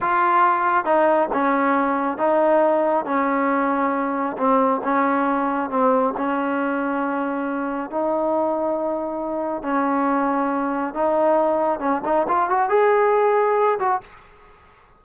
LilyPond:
\new Staff \with { instrumentName = "trombone" } { \time 4/4 \tempo 4 = 137 f'2 dis'4 cis'4~ | cis'4 dis'2 cis'4~ | cis'2 c'4 cis'4~ | cis'4 c'4 cis'2~ |
cis'2 dis'2~ | dis'2 cis'2~ | cis'4 dis'2 cis'8 dis'8 | f'8 fis'8 gis'2~ gis'8 fis'8 | }